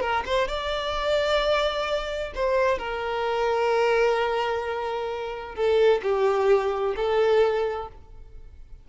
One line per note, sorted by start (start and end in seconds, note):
0.00 0.23 A#4
0.25 0.48 C5
0.48 2.32 D5
2.34 2.78 C5
2.78 5.55 A#4
5.55 6.01 A4
6.02 6.95 G4
6.96 7.88 A4